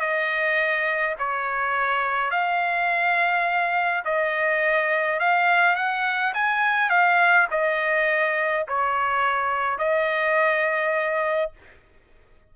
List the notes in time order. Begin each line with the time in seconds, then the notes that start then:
0.00 D#5
1.19 C#5
2.31 F5
4.05 D#5
5.20 F5
5.76 F#5
6.34 G#5
6.89 F5
7.51 D#5
8.68 C#5
9.79 D#5